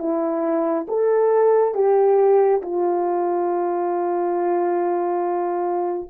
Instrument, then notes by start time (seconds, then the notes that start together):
horn
0.00 E4
0.89 A4
1.75 G4
2.62 F4